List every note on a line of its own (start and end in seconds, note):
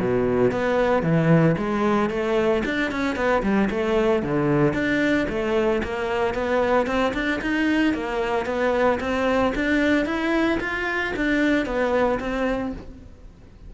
0.00 0.52 B2
0.52 1.03 B3
1.03 1.56 E3
1.58 2.10 G#3
2.10 2.63 A3
2.65 2.92 D4
2.92 3.16 C#4
3.16 3.43 B3
3.43 3.69 G3
3.70 4.23 A3
4.23 4.74 D3
4.74 5.27 D4
5.30 5.83 A3
5.84 6.35 A#3
6.35 6.87 B3
6.87 7.13 C4
7.14 7.40 D4
7.42 7.94 D#4
7.94 8.46 A#3
8.46 8.99 B3
9.00 9.54 C4
9.55 10.06 D4
10.06 10.59 E4
10.60 11.14 F4
11.17 11.66 D4
11.66 12.19 B3
12.20 12.73 C4